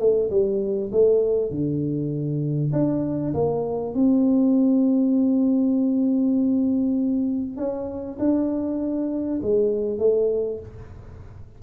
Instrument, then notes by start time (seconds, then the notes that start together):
tuba
0.00 A3
0.31 G3
0.92 A3
1.51 D3
2.73 D4
3.34 A#3
3.94 C4
7.57 C#4
8.19 D4
9.43 G#3
9.99 A3